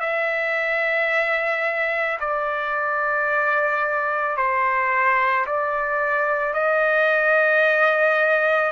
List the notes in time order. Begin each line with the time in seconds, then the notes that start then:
0.00 E5
2.20 D5
4.36 C5
5.46 D5
6.54 D#5